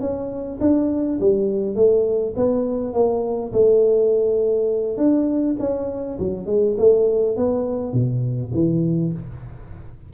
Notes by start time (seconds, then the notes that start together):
0.00 C#4
0.60 D4
1.20 G3
1.75 A3
2.36 B3
2.93 A#3
3.52 A3
4.97 D4
5.59 C#4
6.19 F#3
6.46 G#3
6.78 A3
7.36 B3
7.93 B2
8.53 E3